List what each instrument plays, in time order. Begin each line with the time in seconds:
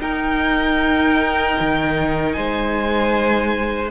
0.00 cello D#4, viola D#4, violin A#4 G5
1.61 cello D#3
2.33 cello G#3, violin C5 G#5